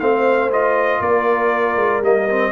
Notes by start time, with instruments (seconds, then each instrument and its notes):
0.00 tuba A3, trombone C4, horn C5, trumpet F5
0.52 trombone F4, trumpet D#5
1.01 tuba A#3, horn A#4, trumpet D5
1.76 tuba G#3
2.01 tuba G3, trombone A#3, trumpet D#5
2.29 trombone C4